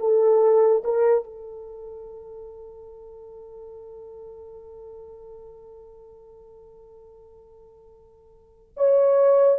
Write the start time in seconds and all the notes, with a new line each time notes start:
0.00 A4
0.84 A#4
1.24 A4
8.77 C#5